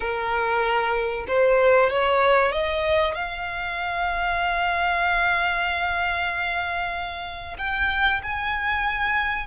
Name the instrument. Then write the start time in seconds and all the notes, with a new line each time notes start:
violin
0.00 A#4
1.27 C5
1.89 C#5
2.51 D#5
3.14 F5
7.58 G5
8.22 G#5